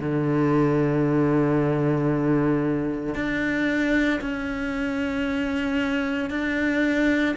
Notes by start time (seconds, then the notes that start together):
0.00 D3
3.15 D4
4.21 C#4
6.31 D4